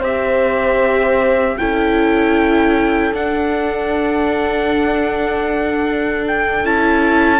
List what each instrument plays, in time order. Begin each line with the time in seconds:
0.00 cello C4, viola G4, horn C5, trumpet E5
1.58 cello C#4, viola E4, horn A4, trumpet G5
3.13 viola D4, cello D4, trumpet F#5
6.28 trumpet G5
6.64 cello C#4, viola E4, trumpet A5